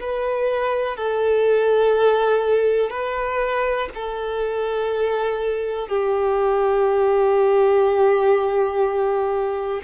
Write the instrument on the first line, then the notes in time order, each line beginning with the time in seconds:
violin
0.00 B4
0.97 A4
2.90 B4
3.94 A4
5.88 G4